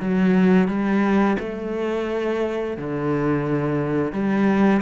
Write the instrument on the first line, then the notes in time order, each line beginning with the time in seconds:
cello
0.00 F#3
0.68 G3
1.39 A3
2.77 D3
4.12 G3